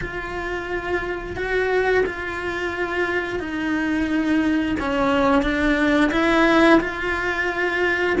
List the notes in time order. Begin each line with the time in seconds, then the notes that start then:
0.01 F4
1.36 F#4
2.05 F4
3.39 D#4
4.79 C#4
5.42 D4
6.11 E4
6.80 F4